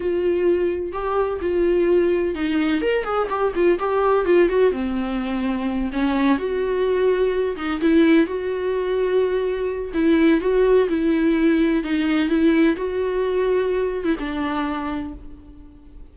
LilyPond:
\new Staff \with { instrumentName = "viola" } { \time 4/4 \tempo 4 = 127 f'2 g'4 f'4~ | f'4 dis'4 ais'8 gis'8 g'8 f'8 | g'4 f'8 fis'8 c'2~ | c'8 cis'4 fis'2~ fis'8 |
dis'8 e'4 fis'2~ fis'8~ | fis'4 e'4 fis'4 e'4~ | e'4 dis'4 e'4 fis'4~ | fis'4.~ fis'16 e'16 d'2 | }